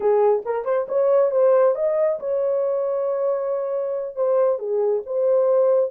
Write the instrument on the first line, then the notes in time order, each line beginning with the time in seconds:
horn
0.00 G#4
0.45 A#4
0.64 C5
0.88 C#5
1.31 C5
1.75 D#5
2.19 C#5
4.15 C5
4.58 G#4
5.05 C5